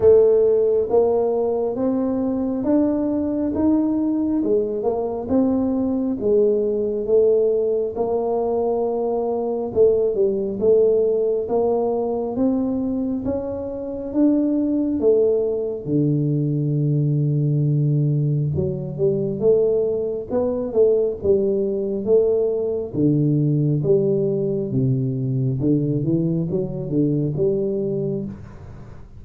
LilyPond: \new Staff \with { instrumentName = "tuba" } { \time 4/4 \tempo 4 = 68 a4 ais4 c'4 d'4 | dis'4 gis8 ais8 c'4 gis4 | a4 ais2 a8 g8 | a4 ais4 c'4 cis'4 |
d'4 a4 d2~ | d4 fis8 g8 a4 b8 a8 | g4 a4 d4 g4 | c4 d8 e8 fis8 d8 g4 | }